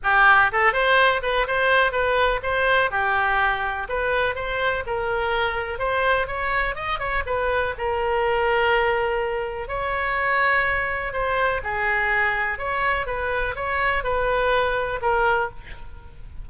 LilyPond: \new Staff \with { instrumentName = "oboe" } { \time 4/4 \tempo 4 = 124 g'4 a'8 c''4 b'8 c''4 | b'4 c''4 g'2 | b'4 c''4 ais'2 | c''4 cis''4 dis''8 cis''8 b'4 |
ais'1 | cis''2. c''4 | gis'2 cis''4 b'4 | cis''4 b'2 ais'4 | }